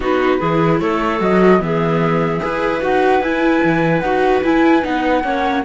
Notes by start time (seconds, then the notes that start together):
0.00 B3 D#4 F#4 B4
0.39 E3 E4 G#4
0.80 A3 A4 C#5
1.19 F#3 F#4 D#5
1.59 E3 B3 G#4 E5
2.40 E4 G#4 B4
2.80 D#4 F#4 F#5
3.20 E4 G#5
3.63 E3
3.99 D#4 F#4 F#5
4.43 E4 G#5
4.81 B3 D#4 F#5
5.23 A#3 C#4 C#5